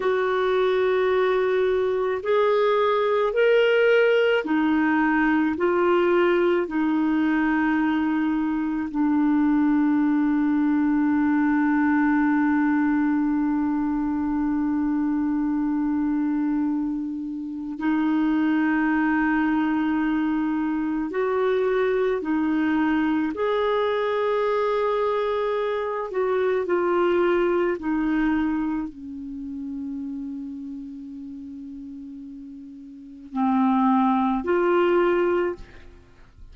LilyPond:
\new Staff \with { instrumentName = "clarinet" } { \time 4/4 \tempo 4 = 54 fis'2 gis'4 ais'4 | dis'4 f'4 dis'2 | d'1~ | d'1 |
dis'2. fis'4 | dis'4 gis'2~ gis'8 fis'8 | f'4 dis'4 cis'2~ | cis'2 c'4 f'4 | }